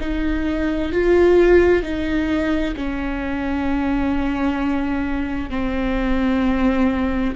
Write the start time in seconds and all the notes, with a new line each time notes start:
0.00 D#4
0.92 F4
1.83 D#4
2.76 C#4
5.50 C4